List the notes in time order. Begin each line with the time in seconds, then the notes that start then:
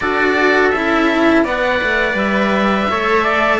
0.00 D4 F#4 A4 D5
0.69 C#4 E4 E5
1.43 B3 B4 D5 F#5
1.82 A3
2.13 G3 E5
2.89 A3 A4 C#5
3.23 D5